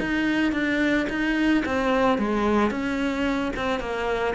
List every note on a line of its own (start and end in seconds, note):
0.00 0.53 D#4
0.53 1.07 D4
1.10 1.64 D#4
1.66 2.19 C4
2.19 2.71 G#3
2.71 3.53 C#4
3.57 3.80 C4
3.80 4.35 A#3